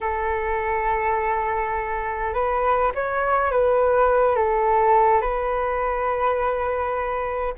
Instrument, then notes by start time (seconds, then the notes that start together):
flute
0.01 A4
2.33 B4
2.94 C#5
3.51 B4
4.35 A4
5.21 B4